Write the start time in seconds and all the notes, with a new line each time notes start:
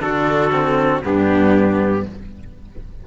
0.00 D3 D4 F#4 A4
0.53 C4
1.03 G2 B3 D4 G4